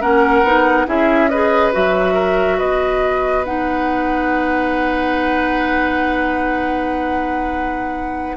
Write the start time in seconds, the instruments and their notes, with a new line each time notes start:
0.00 bassoon A#3, clarinet C#4, oboe A#4, flute F#5
0.42 bassoon B3, clarinet D#4
0.86 bassoon C#4, clarinet E4, oboe G#4, flute E5
1.29 clarinet G#4, oboe B4, flute D#5
1.72 bassoon F#3, clarinet F#4, flute E5
2.13 oboe A#4
2.58 bassoon B3, oboe B4, flute D#5
3.45 clarinet D#4, flute F#5